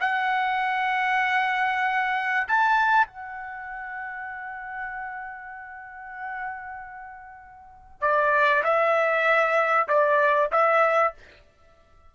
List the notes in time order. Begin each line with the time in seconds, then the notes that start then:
0.00 F#5
2.48 A5
3.07 F#5
8.01 D5
8.64 E5
9.88 D5
10.52 E5